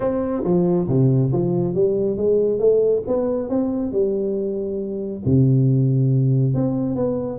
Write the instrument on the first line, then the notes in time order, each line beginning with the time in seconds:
tuba
0.00 C4
0.44 F3
0.88 C3
1.32 F3
1.74 G3
2.17 G#3
2.59 A3
3.07 B3
3.49 C4
3.92 G3
5.25 C3
6.54 C4
6.95 B3